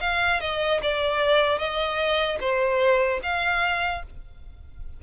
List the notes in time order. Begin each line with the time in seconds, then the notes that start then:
0.00 F5
0.40 D#5
0.82 D5
1.58 D#5
2.40 C5
3.22 F5